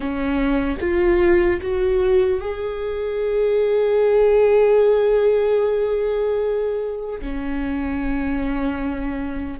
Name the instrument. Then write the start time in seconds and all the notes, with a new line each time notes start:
viola
0.00 C#4
0.80 F4
1.61 F#4
2.40 G#4
7.20 C#4